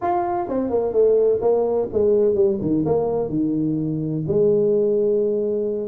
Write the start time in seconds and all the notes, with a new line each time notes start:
0.01 F4
0.48 C4
0.70 A#3
0.92 A3
1.41 A#3
1.92 G#3
2.34 G3
2.61 D#3
2.85 A#3
3.29 D#3
4.27 G#3